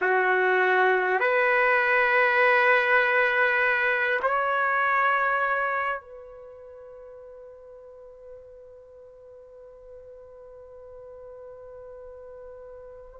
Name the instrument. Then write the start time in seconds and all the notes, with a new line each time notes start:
trumpet
0.01 F#4
1.19 B4
4.22 C#5
6.00 B4